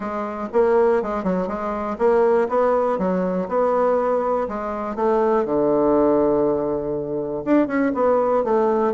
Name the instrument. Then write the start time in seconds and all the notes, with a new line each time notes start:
bassoon
0.00 G#3
0.52 A#3
1.02 G#3
1.23 F#3
1.47 G#3
1.98 A#3
2.48 B3
2.98 F#3
3.48 B3
4.48 G#3
4.95 A3
5.45 D3
7.44 D4
7.67 C#4
7.94 B3
8.44 A3